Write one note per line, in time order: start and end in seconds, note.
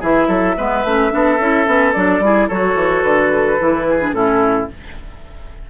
0.00 0.27 E3
0.00 0.57 E4
0.00 0.28 G#4
0.00 1.93 E5
0.27 0.55 F#3
0.27 0.55 A4
0.57 0.84 G#3
0.57 0.85 B3
0.57 1.12 B4
0.84 1.11 A3
0.84 1.10 C#4
1.10 1.39 B3
1.10 1.38 D4
1.10 2.25 A4
1.39 1.67 C#4
1.39 1.66 E4
1.66 1.94 B3
1.66 1.93 C#4
1.93 2.19 F#3
1.93 2.22 D4
1.93 2.48 D5
2.19 2.47 G3
2.19 2.50 E4
2.19 2.48 G#4
2.48 2.75 F#3
2.48 3.59 F#4
2.48 3.86 A4
2.48 3.03 C#5
2.75 3.02 E3
3.03 3.59 D3
3.03 4.13 B4
3.59 4.12 E3
3.59 4.00 E4
3.89 4.15 G#4
4.00 4.13 D4
4.12 4.67 A2
4.12 4.68 C#4
4.12 4.70 E4
4.12 4.68 A4